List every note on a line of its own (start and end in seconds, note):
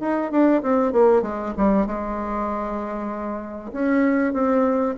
0.00 0.31 D#4
0.31 0.62 D4
0.62 0.92 C4
0.92 1.22 A#3
1.22 1.53 G#3
1.57 1.86 G3
1.86 3.71 G#3
3.72 4.33 C#4
4.33 4.95 C4